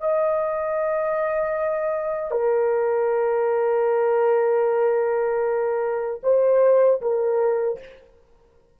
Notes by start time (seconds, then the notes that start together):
0.00 D#5
2.31 A#4
6.23 C5
7.01 A#4